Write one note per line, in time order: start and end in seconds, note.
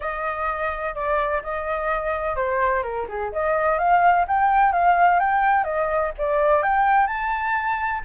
0.00 0.94 D#5
0.94 1.42 D5
1.42 2.36 D#5
2.36 2.83 C5
2.83 3.06 A#4
3.08 3.32 G#4
3.32 3.78 D#5
3.78 4.25 F5
4.27 4.72 G5
4.72 5.19 F5
5.19 5.64 G5
5.64 6.11 D#5
6.18 6.62 D5
6.62 7.06 G5
7.06 8.01 A5